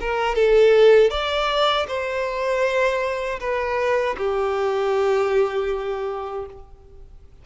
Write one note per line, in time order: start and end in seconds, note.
0.00 0.35 A#4
0.35 1.10 A4
1.10 1.86 D5
1.87 3.39 C5
3.40 4.16 B4
4.17 6.45 G4